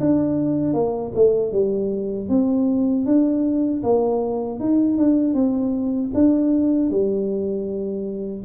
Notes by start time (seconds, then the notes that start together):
0.00 D4
0.73 A#3
1.15 A3
1.52 G3
2.29 C4
3.06 D4
3.83 A#3
4.60 D#4
4.98 D4
5.34 C4
6.14 D4
6.90 G3